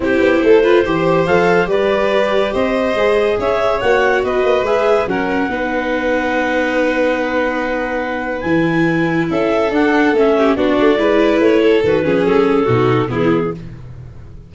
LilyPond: <<
  \new Staff \with { instrumentName = "clarinet" } { \time 4/4 \tempo 4 = 142 c''2. f''4 | d''2 dis''2 | e''4 fis''4 dis''4 e''4 | fis''1~ |
fis''1 | gis''2 e''4 fis''4 | e''4 d''2 cis''4 | b'4 a'2 gis'4 | }
  \new Staff \with { instrumentName = "violin" } { \time 4/4 g'4 a'8 b'8 c''2 | b'2 c''2 | cis''2 b'2 | ais'4 b'2.~ |
b'1~ | b'2 a'2~ | a'8 g'8 fis'4 b'4. a'8~ | a'8 gis'4. fis'4 e'4 | }
  \new Staff \with { instrumentName = "viola" } { \time 4/4 e'4. f'8 g'4 a'4 | g'2. gis'4~ | gis'4 fis'2 gis'4 | cis'4 dis'2.~ |
dis'1 | e'2. d'4 | cis'4 d'4 e'2 | fis'8 cis'4. dis'4 b4 | }
  \new Staff \with { instrumentName = "tuba" } { \time 4/4 c'8 b8 a4 e4 f4 | g2 c'4 gis4 | cis'4 ais4 b8 ais8 gis4 | fis4 b2.~ |
b1 | e2 cis'4 d'4 | a4 b8 a8 gis4 a4 | dis8 f8 fis4 b,4 e4 | }
>>